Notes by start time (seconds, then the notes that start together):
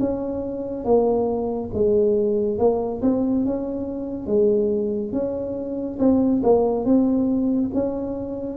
0.00 C#4
0.85 A#3
1.74 G#3
2.58 A#3
3.02 C4
3.45 C#4
4.27 G#3
5.13 C#4
5.99 C4
6.43 A#3
6.85 C4
7.74 C#4